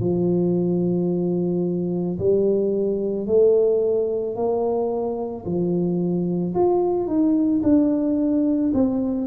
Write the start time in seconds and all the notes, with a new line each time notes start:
0.00 F3
2.19 G3
3.27 A3
4.36 A#3
5.45 F3
6.55 F4
7.07 D#4
7.63 D4
8.74 C4